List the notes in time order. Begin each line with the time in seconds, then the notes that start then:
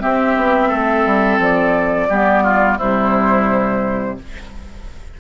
0.00 C4 G4 E5
0.37 B3
0.69 A3 A4
1.06 G3
1.39 F3 D5
2.09 G3 B3 G4
2.43 F4
2.78 C3 G3 E4 C5